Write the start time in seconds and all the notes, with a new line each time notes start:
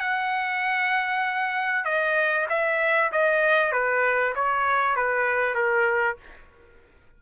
0.00 F#5
1.85 D#5
2.49 E5
3.12 D#5
3.72 B4
4.36 C#5
4.96 B4
5.55 A#4